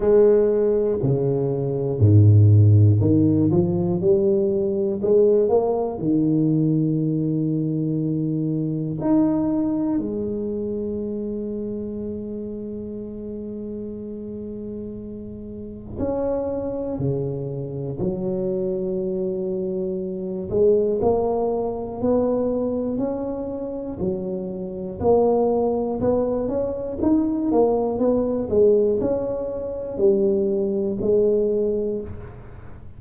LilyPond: \new Staff \with { instrumentName = "tuba" } { \time 4/4 \tempo 4 = 60 gis4 cis4 gis,4 dis8 f8 | g4 gis8 ais8 dis2~ | dis4 dis'4 gis2~ | gis1 |
cis'4 cis4 fis2~ | fis8 gis8 ais4 b4 cis'4 | fis4 ais4 b8 cis'8 dis'8 ais8 | b8 gis8 cis'4 g4 gis4 | }